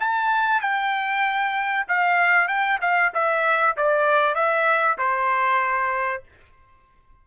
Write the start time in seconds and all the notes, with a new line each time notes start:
0.00 A5
0.61 G5
1.88 F5
2.48 G5
2.81 F5
3.14 E5
3.77 D5
4.35 E5
4.98 C5